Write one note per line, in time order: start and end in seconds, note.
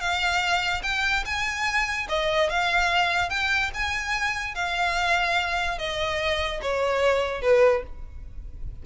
0.00 0.82 F5
0.83 1.24 G5
1.25 2.08 G#5
2.09 2.50 D#5
2.50 3.30 F5
3.30 3.71 G5
3.74 4.55 G#5
4.55 5.78 F5
5.79 6.61 D#5
6.62 7.42 C#5
7.42 7.83 B4